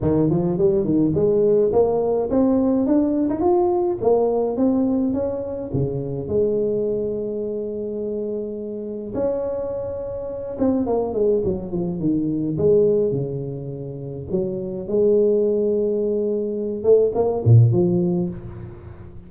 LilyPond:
\new Staff \with { instrumentName = "tuba" } { \time 4/4 \tempo 4 = 105 dis8 f8 g8 dis8 gis4 ais4 | c'4 d'8. dis'16 f'4 ais4 | c'4 cis'4 cis4 gis4~ | gis1 |
cis'2~ cis'8 c'8 ais8 gis8 | fis8 f8 dis4 gis4 cis4~ | cis4 fis4 gis2~ | gis4. a8 ais8 ais,8 f4 | }